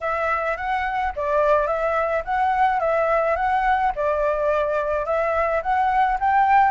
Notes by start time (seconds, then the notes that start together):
0.00 E5
0.56 F#5
1.15 D5
1.66 E5
2.24 F#5
2.80 E5
3.36 F#5
3.95 D5
5.05 E5
5.62 F#5
6.20 G5